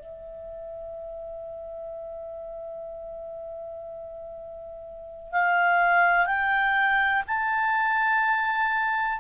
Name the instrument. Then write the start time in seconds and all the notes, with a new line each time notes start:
clarinet
0.00 E5
5.32 F5
6.26 G5
7.27 A5